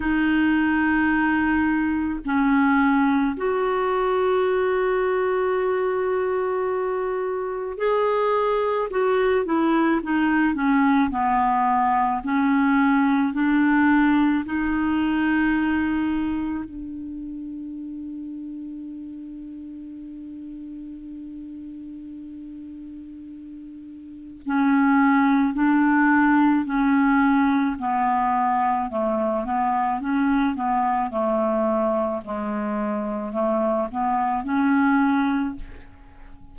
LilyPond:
\new Staff \with { instrumentName = "clarinet" } { \time 4/4 \tempo 4 = 54 dis'2 cis'4 fis'4~ | fis'2. gis'4 | fis'8 e'8 dis'8 cis'8 b4 cis'4 | d'4 dis'2 d'4~ |
d'1~ | d'2 cis'4 d'4 | cis'4 b4 a8 b8 cis'8 b8 | a4 gis4 a8 b8 cis'4 | }